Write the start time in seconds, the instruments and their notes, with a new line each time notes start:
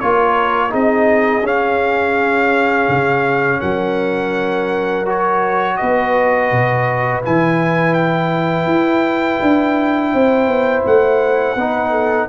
0.00 tuba A#3, trombone F4, horn A#4, trumpet C#5
0.70 tuba C4, trombone D#4, horn G#4, trumpet D#5
1.42 tuba C#4, trombone C#4, trumpet F5
2.88 tuba C#3
3.60 tuba F#3, horn A#4, trumpet F#5
5.06 trombone F#4, trumpet C#5
5.77 tuba B3, horn B4, trumpet D#5
6.52 tuba B2
7.23 tuba E3, trombone E4, trumpet G#5
7.94 trumpet G5
8.66 tuba E4
9.42 tuba D4
10.13 tuba C4, horn C5
10.48 tuba B3
10.86 tuba A3, trumpet F#5
11.55 tuba B3, trombone D#4, horn B4
11.91 horn A4